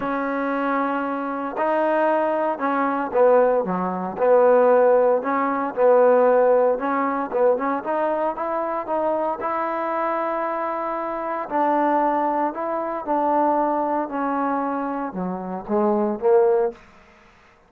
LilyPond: \new Staff \with { instrumentName = "trombone" } { \time 4/4 \tempo 4 = 115 cis'2. dis'4~ | dis'4 cis'4 b4 fis4 | b2 cis'4 b4~ | b4 cis'4 b8 cis'8 dis'4 |
e'4 dis'4 e'2~ | e'2 d'2 | e'4 d'2 cis'4~ | cis'4 fis4 gis4 ais4 | }